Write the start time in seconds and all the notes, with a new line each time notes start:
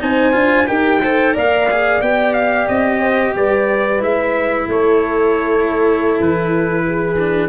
0.00 C4 D#4 C5 G#5
0.33 D4 F4
0.67 D#4 G4 A#4 G5
1.02 A4 C5
1.34 A#3 A#4 D5 F5
1.71 G#4
2.02 B3 G4 G5
2.34 F5
2.68 C4 D#5
2.99 C5
3.35 G3 B4 D5
3.99 G#3 E4 E5
4.68 A3 A4 C#5
6.20 E3 B4
6.87 G#4
7.19 D4